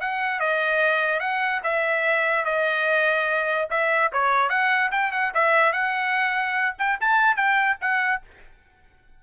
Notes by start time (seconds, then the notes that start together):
0.00 F#5
0.39 D#5
1.20 F#5
1.63 E5
2.45 D#5
3.70 E5
4.12 C#5
4.49 F#5
4.91 G5
5.12 F#5
5.34 E5
5.72 F#5
6.78 G5
7.00 A5
7.36 G5
7.80 F#5